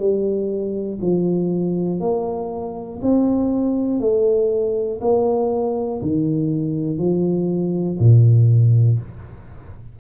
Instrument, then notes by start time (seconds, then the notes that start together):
tuba
0.00 G3
1.01 F3
2.01 A#3
3.02 C4
4.00 A3
5.01 A#3
6.02 D#3
6.99 F3
8.00 A#2